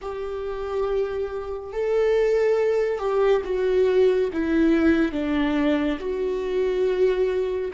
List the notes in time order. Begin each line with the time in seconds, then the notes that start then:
0.01 G4
1.72 A4
2.98 G4
3.44 F#4
4.32 E4
5.12 D4
5.99 F#4